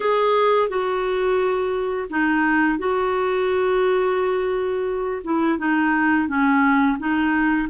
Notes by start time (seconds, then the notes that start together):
0.00 G#4
0.68 F#4
2.09 D#4
2.78 F#4
5.23 E4
5.58 D#4
6.28 C#4
6.98 D#4